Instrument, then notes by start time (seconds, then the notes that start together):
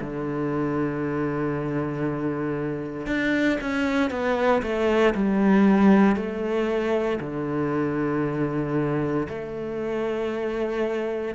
cello
0.00 D3
3.07 D4
3.61 C#4
4.10 B3
4.62 A3
5.14 G3
6.16 A3
7.20 D3
9.29 A3